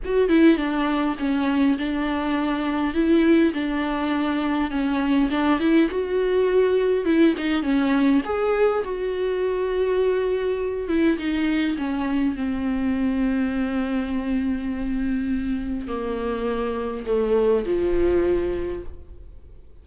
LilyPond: \new Staff \with { instrumentName = "viola" } { \time 4/4 \tempo 4 = 102 fis'8 e'8 d'4 cis'4 d'4~ | d'4 e'4 d'2 | cis'4 d'8 e'8 fis'2 | e'8 dis'8 cis'4 gis'4 fis'4~ |
fis'2~ fis'8 e'8 dis'4 | cis'4 c'2.~ | c'2. ais4~ | ais4 a4 f2 | }